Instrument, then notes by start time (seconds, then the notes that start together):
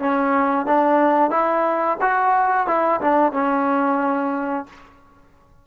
trombone
0.00 C#4
0.66 D4
1.31 E4
2.02 F#4
2.68 E4
3.01 D4
3.33 C#4